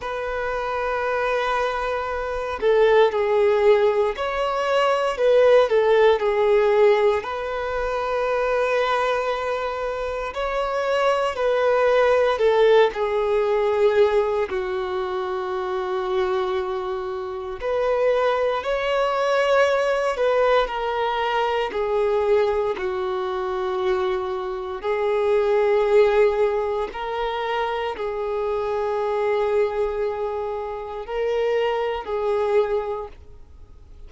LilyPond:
\new Staff \with { instrumentName = "violin" } { \time 4/4 \tempo 4 = 58 b'2~ b'8 a'8 gis'4 | cis''4 b'8 a'8 gis'4 b'4~ | b'2 cis''4 b'4 | a'8 gis'4. fis'2~ |
fis'4 b'4 cis''4. b'8 | ais'4 gis'4 fis'2 | gis'2 ais'4 gis'4~ | gis'2 ais'4 gis'4 | }